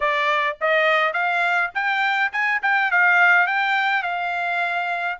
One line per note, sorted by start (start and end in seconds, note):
0.00 0.57 D5
0.60 1.13 D#5
1.13 1.70 F5
1.74 2.32 G5
2.32 2.61 G#5
2.62 2.91 G5
2.91 3.46 F5
3.46 4.02 G5
4.02 5.18 F5